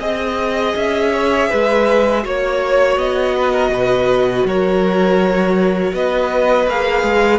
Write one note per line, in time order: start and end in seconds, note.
0.00 0.74 C4
0.00 2.23 G#4
0.00 1.11 D#5
0.00 0.77 D#5
0.76 1.50 C#4
0.76 2.25 E5
1.13 1.49 C#5
1.49 2.25 G#3
1.49 2.23 B4
2.23 2.97 A#3
2.23 6.67 F#4
2.23 3.36 C#5
2.23 2.98 C#5
2.97 3.70 B3
2.97 4.46 D#5
3.37 3.52 B4
3.52 3.71 A#4
3.70 4.44 B2
3.70 4.47 B4
4.45 5.93 F#3
4.45 5.94 A#4
4.45 5.95 C#5
5.94 6.67 B3
5.94 7.39 B4
5.94 6.69 D#5
6.67 7.03 A#3
6.67 7.39 G#4
6.67 7.39 F5
7.03 7.39 G#3